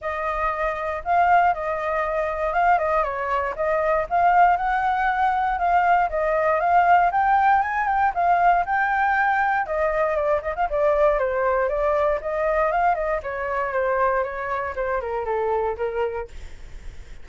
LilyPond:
\new Staff \with { instrumentName = "flute" } { \time 4/4 \tempo 4 = 118 dis''2 f''4 dis''4~ | dis''4 f''8 dis''8 cis''4 dis''4 | f''4 fis''2 f''4 | dis''4 f''4 g''4 gis''8 g''8 |
f''4 g''2 dis''4 | d''8 dis''16 f''16 d''4 c''4 d''4 | dis''4 f''8 dis''8 cis''4 c''4 | cis''4 c''8 ais'8 a'4 ais'4 | }